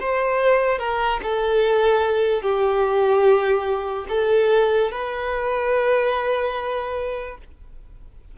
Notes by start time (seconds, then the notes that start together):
0.00 C5
0.79 A#4
1.23 A4
2.42 G4
4.09 A4
4.91 B4